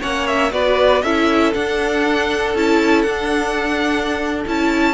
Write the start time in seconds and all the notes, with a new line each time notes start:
0.00 A#3 C#4 C#5 F#5
0.26 E5
0.50 B3 F#4 B4 D5
1.02 C#4 E4 A4 E5
1.53 D4 F#5
2.54 C#4 E4 A5
3.02 D4 F#5
4.47 C#4 E4 A5